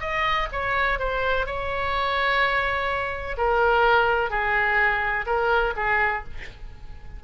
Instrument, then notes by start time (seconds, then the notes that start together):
oboe
0.00 D#5
0.52 C#5
0.99 C5
1.46 C#5
3.38 A#4
4.30 G#4
5.26 A#4
5.76 G#4